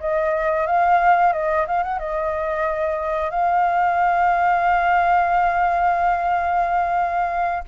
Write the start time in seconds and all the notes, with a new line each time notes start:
0.00 D#5
0.66 F5
1.32 D#5
1.67 F5
1.83 F#5
1.99 D#5
3.30 F5